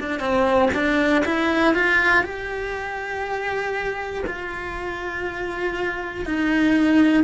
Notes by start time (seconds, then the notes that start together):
0.00 D4
0.20 C4
0.75 D4
1.25 E4
1.75 F4
2.24 G4
4.27 F4
6.25 D#4